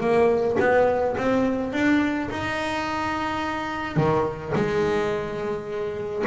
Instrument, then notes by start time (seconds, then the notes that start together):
double bass
0.00 A#3
0.59 B3
1.17 C4
1.73 D4
2.30 D#4
3.96 D#3
4.55 G#3